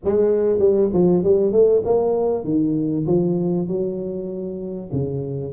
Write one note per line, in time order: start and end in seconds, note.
0.04 0.58 G#3
0.58 0.89 G3
0.93 1.23 F3
1.23 1.51 G3
1.51 1.82 A3
1.85 2.44 A#3
2.44 3.05 D#3
3.06 3.67 F3
3.67 4.90 F#3
4.92 5.53 C#3